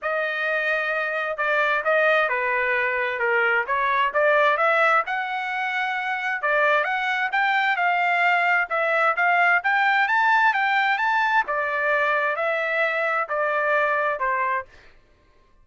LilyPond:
\new Staff \with { instrumentName = "trumpet" } { \time 4/4 \tempo 4 = 131 dis''2. d''4 | dis''4 b'2 ais'4 | cis''4 d''4 e''4 fis''4~ | fis''2 d''4 fis''4 |
g''4 f''2 e''4 | f''4 g''4 a''4 g''4 | a''4 d''2 e''4~ | e''4 d''2 c''4 | }